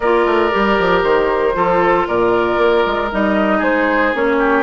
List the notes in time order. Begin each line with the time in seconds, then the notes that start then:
0.00 A#3 F4 A#4 D5
0.26 A3
0.51 G3 G4
0.79 F3
1.02 D#3 C5
1.54 F3 F4 A4
2.07 A#2 A#4 D5
2.57 A#3
2.85 G#3
3.11 G3 D#4 D#5
3.58 G#3 G#4 C5
4.14 A#3 C#4 C#5
4.38 G4